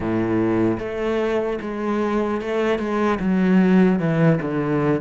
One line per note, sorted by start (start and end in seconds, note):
0.00 0.78 A2
0.79 1.59 A3
1.61 2.41 G#3
2.41 2.79 A3
2.79 3.19 G#3
3.19 3.99 F#3
3.99 4.39 E3
4.41 5.01 D3